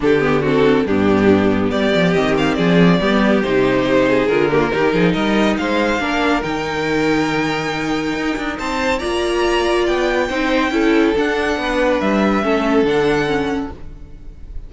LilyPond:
<<
  \new Staff \with { instrumentName = "violin" } { \time 4/4 \tempo 4 = 140 a'8 g'8 a'4 g'2 | d''4 dis''8 f''8 d''2 | c''2 ais'2 | dis''4 f''2 g''4~ |
g''1 | a''4 ais''2 g''4~ | g''2 fis''2 | e''2 fis''2 | }
  \new Staff \with { instrumentName = "violin" } { \time 4/4 g'4 fis'4 d'2 | g'2 gis'4 g'4~ | g'4. gis'4 g'16 f'16 g'8 gis'8 | ais'4 c''4 ais'2~ |
ais'1 | c''4 d''2. | c''4 a'2 b'4~ | b'4 a'2. | }
  \new Staff \with { instrumentName = "viola" } { \time 4/4 d'8 b8 c'4 b2~ | b4 c'2 b4 | dis'2 f'8 ais8 dis'4~ | dis'2 d'4 dis'4~ |
dis'1~ | dis'4 f'2. | dis'4 e'4 d'2~ | d'4 cis'4 d'4 cis'4 | }
  \new Staff \with { instrumentName = "cello" } { \time 4/4 d2 g,2 | g8 f8 dis4 f4 g4 | c2 d4 dis8 f8 | g4 gis4 ais4 dis4~ |
dis2. dis'8 d'8 | c'4 ais2 b4 | c'4 cis'4 d'4 b4 | g4 a4 d2 | }
>>